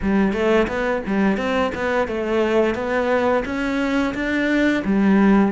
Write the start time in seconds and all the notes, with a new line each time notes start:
0.02 G3
0.32 A3
0.67 B3
1.06 G3
1.37 C4
1.74 B3
2.07 A3
2.74 B3
3.45 C#4
4.14 D4
4.84 G3